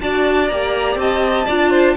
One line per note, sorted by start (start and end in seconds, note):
0.00 0.51 D4
0.00 0.50 F#4
0.00 1.00 D5
0.00 0.48 A5
0.48 0.95 A#3
0.48 1.48 G4
0.48 0.97 A#5
0.95 1.44 C4
0.95 1.46 D#5
0.95 1.96 A5
1.46 1.96 D4
1.46 1.96 F4
1.46 1.70 D5
1.70 1.95 C5